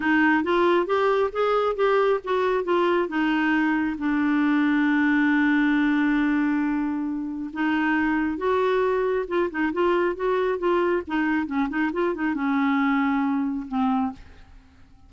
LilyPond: \new Staff \with { instrumentName = "clarinet" } { \time 4/4 \tempo 4 = 136 dis'4 f'4 g'4 gis'4 | g'4 fis'4 f'4 dis'4~ | dis'4 d'2.~ | d'1~ |
d'4 dis'2 fis'4~ | fis'4 f'8 dis'8 f'4 fis'4 | f'4 dis'4 cis'8 dis'8 f'8 dis'8 | cis'2. c'4 | }